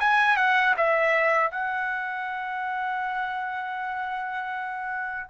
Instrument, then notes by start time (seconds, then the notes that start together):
trumpet
0.00 G#5
0.37 F#5
0.77 E5
1.51 F#5